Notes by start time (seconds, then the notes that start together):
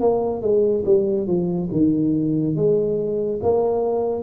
0.00 A#3
0.41 G#3
0.85 G3
1.26 F3
1.71 D#3
2.55 G#3
3.42 A#3